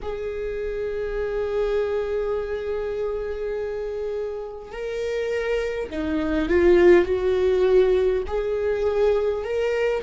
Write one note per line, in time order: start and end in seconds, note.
0.02 4.72 G#4
4.72 5.89 A#4
5.89 6.48 D#4
6.49 7.05 F4
7.05 8.22 F#4
8.27 9.44 G#4
9.44 10.02 A#4